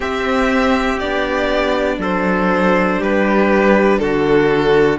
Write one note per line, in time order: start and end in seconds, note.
0.00 0.99 C4
0.00 1.02 C4
0.00 1.98 G4
0.00 0.99 E5
0.99 1.98 B3
0.99 4.98 D4
0.99 1.99 D5
1.98 2.98 F#3
1.98 3.00 A4
1.98 3.02 C5
3.00 4.00 G3
3.00 4.00 G4
3.00 3.99 B4
3.99 4.98 D3
3.99 4.98 F#4
3.99 4.98 A4